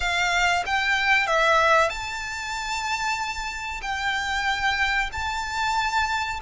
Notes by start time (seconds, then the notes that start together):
0.00 F5
0.66 G5
1.26 E5
1.89 A5
3.82 G5
5.12 A5